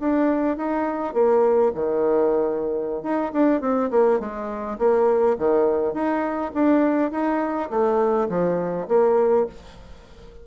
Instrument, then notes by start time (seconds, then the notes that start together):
bassoon
0.00 D4
0.57 D#4
1.14 A#3
1.75 D#3
3.03 D#4
3.33 D4
3.61 C4
3.91 A#3
4.20 G#3
4.79 A#3
5.39 D#3
5.94 D#4
6.55 D4
7.12 D#4
7.71 A3
8.29 F3
8.89 A#3